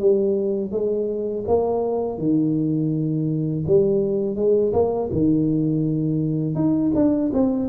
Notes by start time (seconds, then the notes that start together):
0.00 G3
0.72 G#3
1.48 A#3
2.19 D#3
3.68 G3
4.36 G#3
4.73 A#3
5.13 D#3
6.56 D#4
6.95 D4
7.34 C4